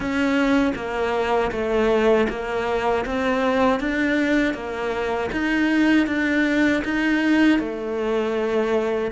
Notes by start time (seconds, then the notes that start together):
0.00 C#4
0.75 A#3
1.51 A3
2.29 A#3
3.06 C4
3.80 D4
4.54 A#3
5.32 D#4
6.06 D4
6.84 D#4
7.59 A3